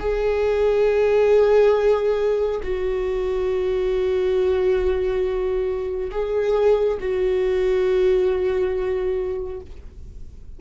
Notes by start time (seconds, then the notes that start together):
0.00 G#4
2.63 F#4
6.11 G#4
7.00 F#4